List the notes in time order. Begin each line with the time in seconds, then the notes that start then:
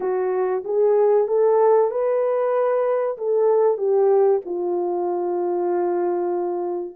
0.00 F#4
0.64 G#4
1.27 A4
1.91 B4
3.18 A4
3.77 G4
4.45 F4